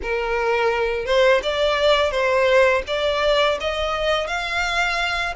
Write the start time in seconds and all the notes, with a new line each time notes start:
0.02 A#4
1.05 C5
1.43 D5
2.11 C5
2.87 D5
3.60 D#5
4.27 F5